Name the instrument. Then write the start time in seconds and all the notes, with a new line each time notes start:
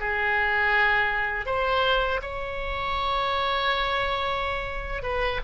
oboe
0.00 G#4
1.46 C5
2.22 C#5
5.02 B4